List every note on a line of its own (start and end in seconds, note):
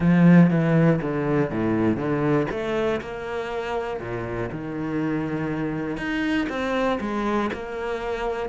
0.00 0.50 F3
0.50 1.00 E3
1.01 1.50 D3
1.50 1.96 A2
1.96 2.46 D3
2.50 3.00 A3
3.01 4.00 A#3
4.00 4.50 A#2
4.51 5.97 D#3
5.97 6.47 D#4
6.49 6.99 C4
7.00 7.50 G#3
7.53 8.49 A#3